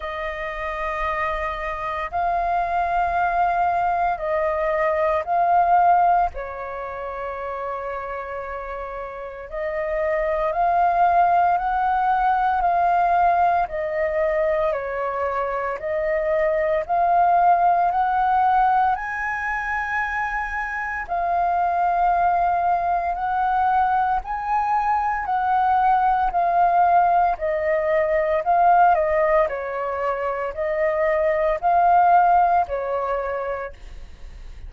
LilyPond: \new Staff \with { instrumentName = "flute" } { \time 4/4 \tempo 4 = 57 dis''2 f''2 | dis''4 f''4 cis''2~ | cis''4 dis''4 f''4 fis''4 | f''4 dis''4 cis''4 dis''4 |
f''4 fis''4 gis''2 | f''2 fis''4 gis''4 | fis''4 f''4 dis''4 f''8 dis''8 | cis''4 dis''4 f''4 cis''4 | }